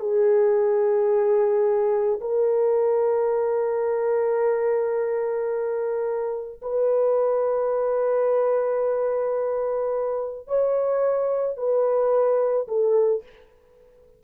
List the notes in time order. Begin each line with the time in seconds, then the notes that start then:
0.00 G#4
2.21 A#4
6.62 B4
10.48 C#5
11.57 B4
12.68 A4